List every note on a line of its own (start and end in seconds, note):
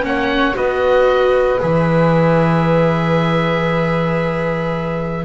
0.00 0.55 A#3
0.00 0.52 C#4
0.00 0.56 F#5
0.08 0.56 C#5
0.54 1.61 B3
0.54 1.59 F#4
0.54 5.25 B4
0.54 1.61 D#5
1.59 5.25 E3
1.59 5.24 G#4
1.59 5.25 E5